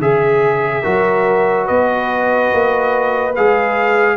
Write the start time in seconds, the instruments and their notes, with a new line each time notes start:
0.00 tuba C#3, trombone G#4, horn G#4, trumpet E5
0.82 tuba F#3, trombone F#4, horn A#4
1.65 tuba B3, horn B4, trumpet D#5
2.53 tuba A#3
3.35 tuba G#3, trombone G#4, trumpet F5